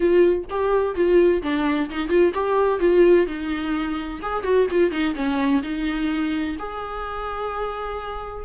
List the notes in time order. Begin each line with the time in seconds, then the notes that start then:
0.00 F4
0.50 G4
0.95 F4
1.42 D4
1.89 D#4
2.08 F4
2.34 G4
2.79 F4
3.26 D#4
4.21 G#4
4.43 F#4
4.70 F4
4.91 D#4
5.15 C#4
5.62 D#4
6.58 G#4